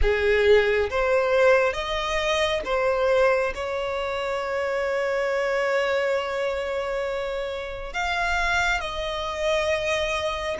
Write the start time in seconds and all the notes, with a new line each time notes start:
0.01 G#4
0.89 C5
1.72 D#5
2.65 C5
3.55 C#5
7.93 F5
8.80 D#5